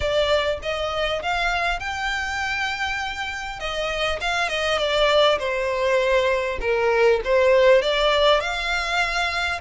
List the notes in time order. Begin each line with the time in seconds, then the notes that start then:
0.00 D5
0.62 D#5
1.22 F5
1.79 G5
3.59 D#5
4.20 F5
4.48 D#5
4.78 D5
5.38 C5
6.60 A#4
7.24 C5
7.82 D5
8.40 F5